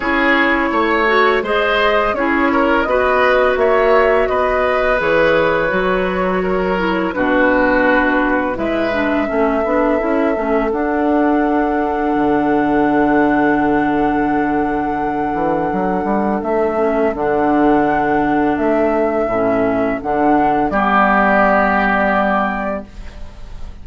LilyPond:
<<
  \new Staff \with { instrumentName = "flute" } { \time 4/4 \tempo 4 = 84 cis''2 dis''4 cis''4 | dis''4 e''4 dis''4 cis''4~ | cis''2 b'2 | e''2. fis''4~ |
fis''1~ | fis''2. e''4 | fis''2 e''2 | fis''4 d''2. | }
  \new Staff \with { instrumentName = "oboe" } { \time 4/4 gis'4 cis''4 c''4 gis'8 ais'8 | b'4 cis''4 b'2~ | b'4 ais'4 fis'2 | b'4 a'2.~ |
a'1~ | a'1~ | a'1~ | a'4 g'2. | }
  \new Staff \with { instrumentName = "clarinet" } { \time 4/4 e'4. fis'8 gis'4 e'4 | fis'2. gis'4 | fis'4. e'8 d'2 | e'8 d'8 cis'8 d'8 e'8 cis'8 d'4~ |
d'1~ | d'2.~ d'8 cis'8 | d'2. cis'4 | d'4 b2. | }
  \new Staff \with { instrumentName = "bassoon" } { \time 4/4 cis'4 a4 gis4 cis'4 | b4 ais4 b4 e4 | fis2 b,2 | gis4 a8 b8 cis'8 a8 d'4~ |
d'4 d2.~ | d4. e8 fis8 g8 a4 | d2 a4 a,4 | d4 g2. | }
>>